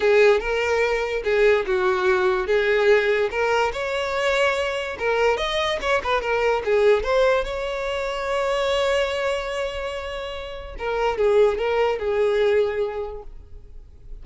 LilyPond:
\new Staff \with { instrumentName = "violin" } { \time 4/4 \tempo 4 = 145 gis'4 ais'2 gis'4 | fis'2 gis'2 | ais'4 cis''2. | ais'4 dis''4 cis''8 b'8 ais'4 |
gis'4 c''4 cis''2~ | cis''1~ | cis''2 ais'4 gis'4 | ais'4 gis'2. | }